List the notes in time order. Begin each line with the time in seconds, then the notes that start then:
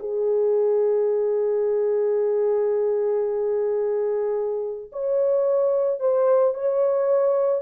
0.00 G#4
4.92 C#5
6.00 C5
6.55 C#5